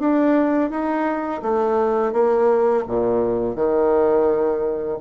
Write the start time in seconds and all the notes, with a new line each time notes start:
0.00 D4
0.70 D#4
1.43 A3
2.13 A#3
2.88 A#2
3.56 D#3